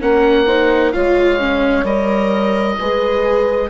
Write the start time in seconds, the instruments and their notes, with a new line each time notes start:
0.00 bassoon A#3, viola C#4, horn A#4, oboe F#5
0.47 viola D#4, horn C5
0.92 bassoon G#3, viola F4, horn C#5, oboe F5
1.39 viola C#4
1.83 bassoon G3, viola A#4, oboe D#5
2.79 bassoon G#3, viola G#4, horn B4